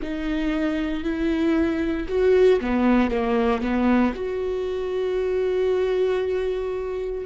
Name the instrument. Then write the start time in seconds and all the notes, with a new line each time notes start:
viola
0.02 D#4
1.03 E4
2.08 F#4
2.61 B3
3.10 A#3
3.61 B3
4.14 F#4